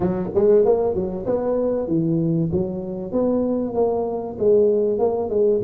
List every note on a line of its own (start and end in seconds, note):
0.00 0.29 F#3
0.34 0.65 G#3
0.65 0.94 A#3
0.94 1.25 F#3
1.26 1.88 B3
1.88 2.50 E3
2.52 3.12 F#3
3.12 3.74 B3
3.74 4.37 A#3
4.38 4.99 G#3
4.99 5.29 A#3
5.29 5.61 G#3